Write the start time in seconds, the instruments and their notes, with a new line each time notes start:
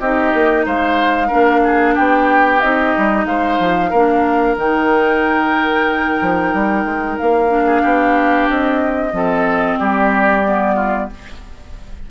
0.00 bassoon C4, clarinet D#4, oboe G4, flute D#5
0.34 bassoon A#3
0.66 bassoon G#3, oboe C5, flute F5
1.28 bassoon A#3, clarinet D4, oboe A#4
1.64 oboe G#4
1.95 bassoon B3, oboe G4, flute G5
2.61 bassoon C4, clarinet D#4, flute D#5
2.97 bassoon G3
3.26 bassoon G#3, oboe C5, flute F5
3.60 bassoon F3
3.90 bassoon A#3, clarinet D4, oboe A#4
4.56 bassoon D#3, clarinet D#4, flute G5
6.21 bassoon F3
6.54 bassoon G3
6.85 bassoon G#3
7.18 bassoon A#3, flute F5
7.49 clarinet D4
7.66 oboe G#4
7.82 bassoon B3, oboe G4
8.49 bassoon C4, flute D#5
9.12 bassoon F3, clarinet C4, oboe A4
9.79 bassoon G3, oboe G4, flute D5
10.46 clarinet B3
10.75 oboe F4